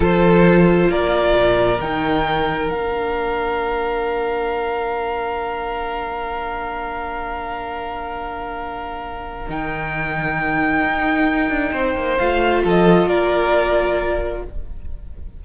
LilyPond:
<<
  \new Staff \with { instrumentName = "violin" } { \time 4/4 \tempo 4 = 133 c''2 d''2 | g''2 f''2~ | f''1~ | f''1~ |
f''1~ | f''4 g''2.~ | g''2. f''4 | dis''4 d''2. | }
  \new Staff \with { instrumentName = "violin" } { \time 4/4 a'2 ais'2~ | ais'1~ | ais'1~ | ais'1~ |
ais'1~ | ais'1~ | ais'2 c''2 | a'4 ais'2. | }
  \new Staff \with { instrumentName = "viola" } { \time 4/4 f'1 | dis'2 d'2~ | d'1~ | d'1~ |
d'1~ | d'4 dis'2.~ | dis'2. f'4~ | f'1 | }
  \new Staff \with { instrumentName = "cello" } { \time 4/4 f2 ais4 ais,4 | dis2 ais2~ | ais1~ | ais1~ |
ais1~ | ais4 dis2. | dis'4. d'8 c'8 ais8 a4 | f4 ais2. | }
>>